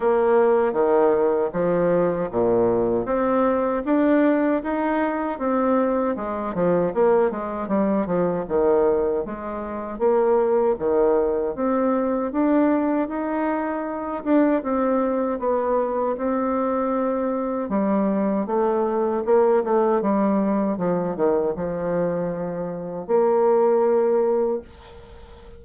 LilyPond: \new Staff \with { instrumentName = "bassoon" } { \time 4/4 \tempo 4 = 78 ais4 dis4 f4 ais,4 | c'4 d'4 dis'4 c'4 | gis8 f8 ais8 gis8 g8 f8 dis4 | gis4 ais4 dis4 c'4 |
d'4 dis'4. d'8 c'4 | b4 c'2 g4 | a4 ais8 a8 g4 f8 dis8 | f2 ais2 | }